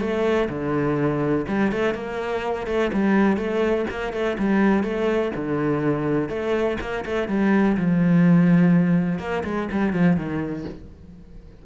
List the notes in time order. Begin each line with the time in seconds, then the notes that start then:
0.00 A3
0.48 D3
1.47 G3
1.71 A3
1.94 A#3
2.67 A3
2.93 G3
3.37 A3
3.90 A#3
4.12 A3
4.38 G3
4.83 A3
5.35 D3
6.29 A3
6.80 A#3
7.05 A3
7.28 G3
7.77 F3
9.19 A#3
9.44 G#3
9.71 G3
9.93 F3
10.16 D#3